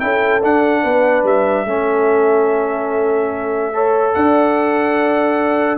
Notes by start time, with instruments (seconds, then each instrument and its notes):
0.00 tuba C#4, trombone E4, horn A4, trumpet G5
0.43 tuba D4, trombone D4, trumpet F#5
0.82 tuba B3, horn B4
1.24 tuba G3, trumpet E5
1.65 tuba A3, trombone C#4, horn A4
3.73 trombone A4, horn C#5
4.14 tuba D4, horn D5, trumpet F#5